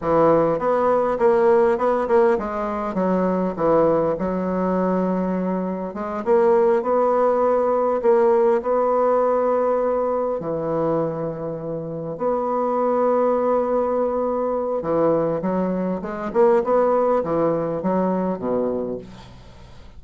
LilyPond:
\new Staff \with { instrumentName = "bassoon" } { \time 4/4 \tempo 4 = 101 e4 b4 ais4 b8 ais8 | gis4 fis4 e4 fis4~ | fis2 gis8 ais4 b8~ | b4. ais4 b4.~ |
b4. e2~ e8~ | e8 b2.~ b8~ | b4 e4 fis4 gis8 ais8 | b4 e4 fis4 b,4 | }